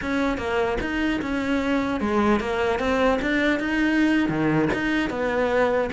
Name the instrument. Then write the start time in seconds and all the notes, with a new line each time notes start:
cello
0.01 C#4
0.37 A#3
0.81 D#4
1.21 C#4
2.00 G#3
2.40 A#3
2.79 C4
3.21 D4
3.59 D#4
4.28 D#3
4.73 D#4
5.10 B3